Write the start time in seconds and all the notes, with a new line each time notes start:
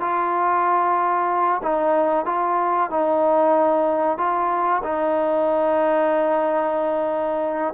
0.00 F4
1.63 D#4
2.26 F4
2.90 D#4
4.18 F4
4.84 D#4